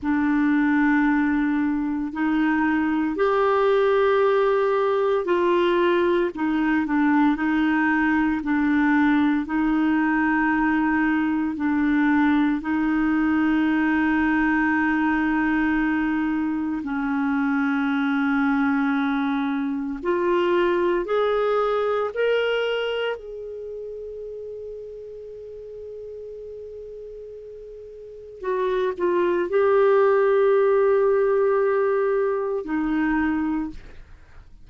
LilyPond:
\new Staff \with { instrumentName = "clarinet" } { \time 4/4 \tempo 4 = 57 d'2 dis'4 g'4~ | g'4 f'4 dis'8 d'8 dis'4 | d'4 dis'2 d'4 | dis'1 |
cis'2. f'4 | gis'4 ais'4 gis'2~ | gis'2. fis'8 f'8 | g'2. dis'4 | }